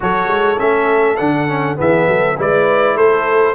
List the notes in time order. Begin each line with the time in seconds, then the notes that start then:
0.00 F#3 F#4 A4 C#5
0.27 G#3
0.57 A3 C#4 E5
1.16 D3 D4 F#5
1.48 C#4
1.76 E3 B3 G#4 E5
2.07 F#3 A4
2.37 G#3 E4 B4 D5
2.96 A3 A4 C5